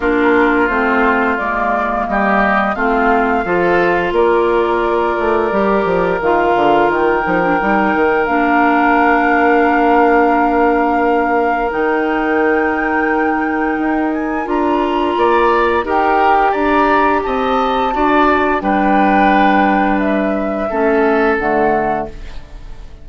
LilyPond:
<<
  \new Staff \with { instrumentName = "flute" } { \time 4/4 \tempo 4 = 87 ais'4 c''4 d''4 dis''4 | f''2 d''2~ | d''4 f''4 g''2 | f''1~ |
f''4 g''2.~ | g''8 gis''8 ais''2 g''4 | ais''4 a''2 g''4~ | g''4 e''2 fis''4 | }
  \new Staff \with { instrumentName = "oboe" } { \time 4/4 f'2. g'4 | f'4 a'4 ais'2~ | ais'1~ | ais'1~ |
ais'1~ | ais'2 d''4 ais'4 | d''4 dis''4 d''4 b'4~ | b'2 a'2 | }
  \new Staff \with { instrumentName = "clarinet" } { \time 4/4 d'4 c'4 ais2 | c'4 f'2. | g'4 f'4. dis'16 d'16 dis'4 | d'1~ |
d'4 dis'2.~ | dis'4 f'2 g'4~ | g'2 fis'4 d'4~ | d'2 cis'4 a4 | }
  \new Staff \with { instrumentName = "bassoon" } { \time 4/4 ais4 a4 gis4 g4 | a4 f4 ais4. a8 | g8 f8 dis8 d8 dis8 f8 g8 dis8 | ais1~ |
ais4 dis2. | dis'4 d'4 ais4 dis'4 | d'4 c'4 d'4 g4~ | g2 a4 d4 | }
>>